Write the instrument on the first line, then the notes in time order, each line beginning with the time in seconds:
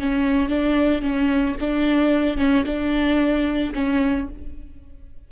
viola
0.00 C#4
0.49 D4
1.02 C#4
1.60 D4
2.38 C#4
2.65 D4
3.74 C#4